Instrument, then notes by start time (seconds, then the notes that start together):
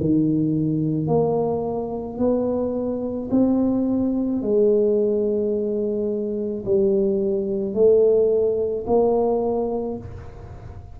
tuba
0.00 D#3
1.07 A#3
2.18 B3
3.31 C4
4.42 G#3
6.65 G3
7.74 A3
8.87 A#3